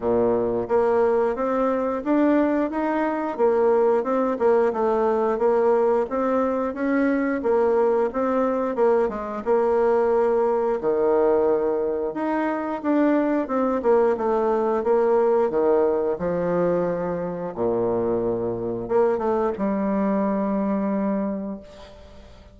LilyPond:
\new Staff \with { instrumentName = "bassoon" } { \time 4/4 \tempo 4 = 89 ais,4 ais4 c'4 d'4 | dis'4 ais4 c'8 ais8 a4 | ais4 c'4 cis'4 ais4 | c'4 ais8 gis8 ais2 |
dis2 dis'4 d'4 | c'8 ais8 a4 ais4 dis4 | f2 ais,2 | ais8 a8 g2. | }